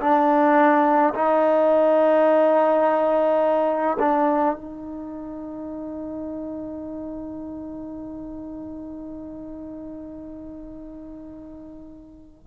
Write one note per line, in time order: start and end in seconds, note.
0.00 1.13 D4
1.14 3.97 D#4
3.99 4.55 D4
4.55 12.47 D#4